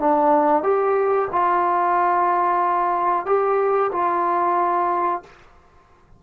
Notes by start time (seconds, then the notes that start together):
0.00 D4
0.63 G4
1.32 F4
3.26 G4
3.92 F4